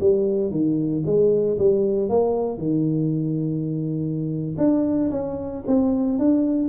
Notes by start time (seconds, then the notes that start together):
0.00 G3
0.50 D#3
1.05 G#3
1.58 G3
2.09 A#3
2.58 D#3
4.57 D4
5.11 C#4
5.67 C4
6.19 D4